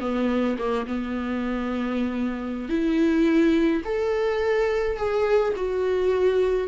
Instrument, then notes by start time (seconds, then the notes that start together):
viola
0.00 B3
0.58 A#3
0.86 B3
2.69 E4
3.84 A4
4.97 G#4
5.56 F#4